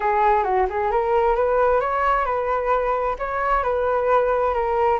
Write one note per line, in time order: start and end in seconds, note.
0.00 0.43 G#4
0.43 0.66 F#4
0.69 0.91 G#4
0.91 1.35 A#4
1.35 1.80 B4
1.80 2.25 C#5
2.25 3.15 B4
3.19 3.63 C#5
3.63 4.54 B4
4.54 4.99 A#4